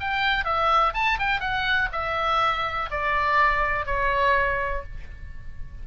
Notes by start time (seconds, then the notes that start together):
0.00 G5
0.44 E5
0.94 A5
1.19 G5
1.40 F#5
1.92 E5
2.90 D5
3.86 C#5